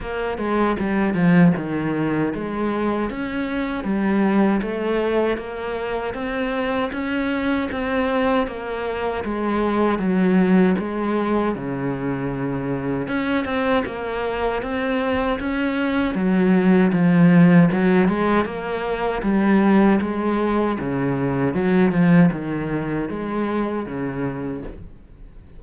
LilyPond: \new Staff \with { instrumentName = "cello" } { \time 4/4 \tempo 4 = 78 ais8 gis8 g8 f8 dis4 gis4 | cis'4 g4 a4 ais4 | c'4 cis'4 c'4 ais4 | gis4 fis4 gis4 cis4~ |
cis4 cis'8 c'8 ais4 c'4 | cis'4 fis4 f4 fis8 gis8 | ais4 g4 gis4 cis4 | fis8 f8 dis4 gis4 cis4 | }